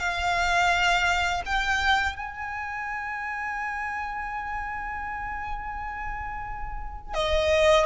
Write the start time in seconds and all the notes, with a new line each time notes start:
0.00 F5
1.46 G5
2.16 G#5
7.14 D#5